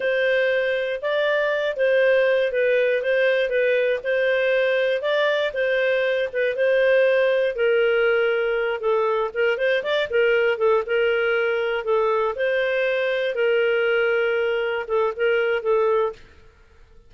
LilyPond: \new Staff \with { instrumentName = "clarinet" } { \time 4/4 \tempo 4 = 119 c''2 d''4. c''8~ | c''4 b'4 c''4 b'4 | c''2 d''4 c''4~ | c''8 b'8 c''2 ais'4~ |
ais'4. a'4 ais'8 c''8 d''8 | ais'4 a'8 ais'2 a'8~ | a'8 c''2 ais'4.~ | ais'4. a'8 ais'4 a'4 | }